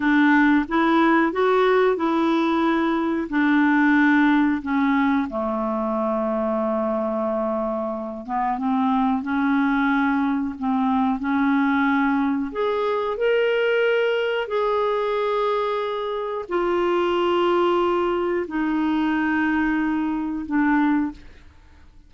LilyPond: \new Staff \with { instrumentName = "clarinet" } { \time 4/4 \tempo 4 = 91 d'4 e'4 fis'4 e'4~ | e'4 d'2 cis'4 | a1~ | a8 b8 c'4 cis'2 |
c'4 cis'2 gis'4 | ais'2 gis'2~ | gis'4 f'2. | dis'2. d'4 | }